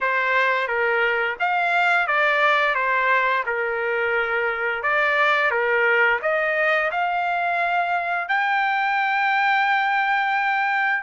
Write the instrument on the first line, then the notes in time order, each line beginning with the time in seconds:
trumpet
0.01 C5
0.67 A#4
1.39 F5
2.07 D5
2.74 C5
3.45 A#4
4.82 D5
5.50 A#4
6.22 D#5
6.91 F5
8.28 G5